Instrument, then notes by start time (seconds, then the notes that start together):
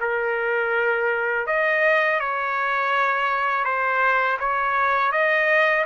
trumpet
0.00 A#4
1.47 D#5
2.20 C#5
3.65 C5
4.39 C#5
5.12 D#5